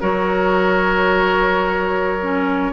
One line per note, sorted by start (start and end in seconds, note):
0.00 2.72 F#3
0.00 2.18 F#4
0.00 2.72 A#4
0.00 2.72 C#5
2.22 2.72 C#4